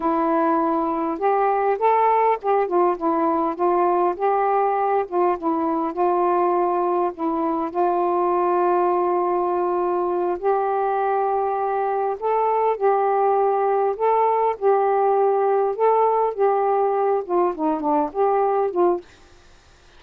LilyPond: \new Staff \with { instrumentName = "saxophone" } { \time 4/4 \tempo 4 = 101 e'2 g'4 a'4 | g'8 f'8 e'4 f'4 g'4~ | g'8 f'8 e'4 f'2 | e'4 f'2.~ |
f'4. g'2~ g'8~ | g'8 a'4 g'2 a'8~ | a'8 g'2 a'4 g'8~ | g'4 f'8 dis'8 d'8 g'4 f'8 | }